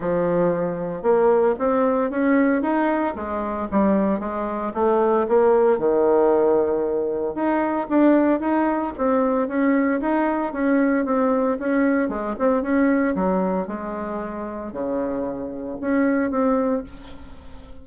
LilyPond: \new Staff \with { instrumentName = "bassoon" } { \time 4/4 \tempo 4 = 114 f2 ais4 c'4 | cis'4 dis'4 gis4 g4 | gis4 a4 ais4 dis4~ | dis2 dis'4 d'4 |
dis'4 c'4 cis'4 dis'4 | cis'4 c'4 cis'4 gis8 c'8 | cis'4 fis4 gis2 | cis2 cis'4 c'4 | }